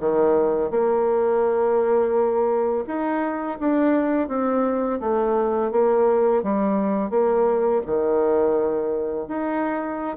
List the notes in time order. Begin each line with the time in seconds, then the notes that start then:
0.00 D#3
0.70 A#3
2.87 D#4
3.60 D4
4.29 C4
5.00 A3
5.71 A#3
6.43 G3
7.10 A#3
7.86 D#3
9.28 D#4